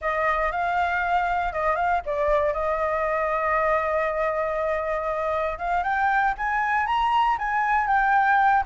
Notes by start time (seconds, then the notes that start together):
0.01 D#5
0.51 F5
1.53 D#5
1.75 F5
2.05 D5
2.53 D#5
5.58 F5
5.83 G5
6.37 G#5
6.86 A#5
7.38 G#5
7.87 G5